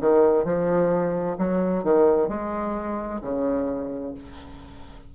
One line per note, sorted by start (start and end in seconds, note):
0.00 0.44 D#3
0.44 1.37 F3
1.38 1.83 F#3
1.83 2.28 D#3
2.28 3.21 G#3
3.21 4.14 C#3